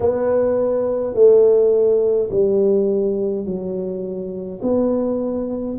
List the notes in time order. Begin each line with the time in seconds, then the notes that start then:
0.00 B3
1.14 A3
2.30 G3
3.45 F#3
4.62 B3